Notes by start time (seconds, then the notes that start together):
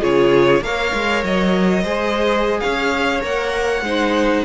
0.00 C#3 F4 G#4 C#5
0.61 A#3 A#4 C#5 F5
0.93 G#3
1.24 F#3 D#5
1.83 G#3 G#4 C5
2.60 C#4 C#5 F5
3.21 A#3 A#4 F#5
3.81 G#3 D#4 C5